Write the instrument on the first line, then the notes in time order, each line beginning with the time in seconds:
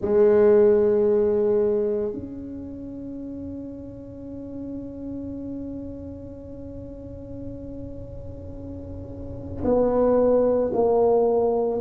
tuba
0.00 G#3
2.12 C#4
9.64 B3
10.73 A#3